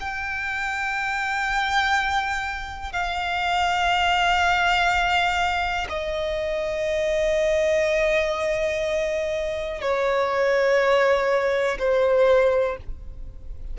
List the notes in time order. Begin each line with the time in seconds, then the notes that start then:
0.00 G5
2.92 F5
5.89 D#5
9.81 C#5
11.79 C5